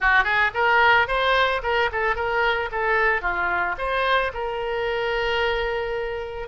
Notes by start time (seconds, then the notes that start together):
0.00 F#4
0.24 G#4
0.54 A#4
1.07 C5
1.62 A#4
1.92 A4
2.15 A#4
2.71 A4
3.21 F4
3.78 C5
4.33 A#4